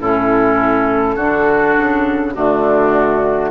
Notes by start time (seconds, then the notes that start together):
0.00 A2 C#4 E4 A4
1.15 D3 D4 F#4
1.76 C#3
2.33 D3 A3 D4 F#4